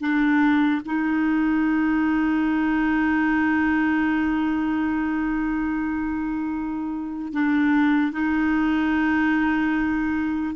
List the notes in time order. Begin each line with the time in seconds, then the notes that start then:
0.00 D4
0.85 D#4
7.33 D4
8.12 D#4